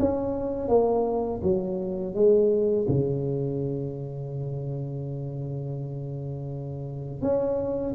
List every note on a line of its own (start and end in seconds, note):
0.00 0.69 C#4
0.69 1.41 A#3
1.43 2.15 F#3
2.15 2.87 G#3
2.88 7.22 C#3
7.22 7.94 C#4